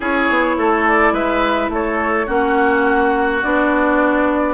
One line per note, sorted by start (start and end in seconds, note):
0.00 0.29 C#4
0.00 2.27 E4
0.00 0.55 G#4
0.00 0.88 C#5
0.29 0.57 B3
0.57 1.12 A3
0.57 1.13 A4
0.88 1.13 D5
1.12 1.69 G#3
1.12 1.70 B4
1.12 1.71 E5
1.69 2.26 A3
1.69 2.26 A4
1.69 2.29 C#5
2.26 3.43 A#3
2.26 3.41 C#4
2.26 4.54 F#4
2.26 3.43 F#5
3.43 4.54 B3
3.43 4.54 D4
3.43 4.54 D5